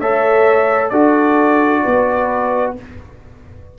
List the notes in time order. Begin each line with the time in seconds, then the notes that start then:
0.00 A3 A4 C#5 E5
0.89 D4 F#4 A4 D5
1.83 B3 B4